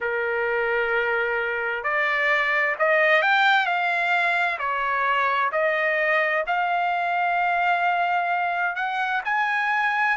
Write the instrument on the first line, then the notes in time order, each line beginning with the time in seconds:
trumpet
0.00 A#4
1.83 D5
2.78 D#5
3.22 G5
3.66 F5
4.58 C#5
5.52 D#5
6.47 F5
8.75 F#5
9.24 G#5